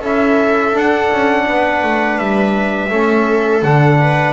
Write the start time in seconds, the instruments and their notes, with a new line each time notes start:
0.00 double bass C#4, trombone E4, viola A4, trumpet E5
0.73 trombone D4, double bass D4, trumpet F#5
1.12 double bass C#4
1.48 double bass B3, viola B4
1.83 double bass A3
2.18 double bass G3, trumpet E5
2.90 double bass A3, trombone C#4, viola A4
3.62 double bass D3, trombone D4, trumpet F#5
4.01 viola B4